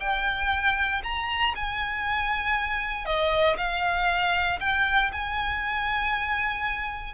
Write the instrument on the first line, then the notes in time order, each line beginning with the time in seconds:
violin
0.00 G5
1.03 A#5
1.55 G#5
3.05 D#5
3.57 F5
4.60 G5
5.12 G#5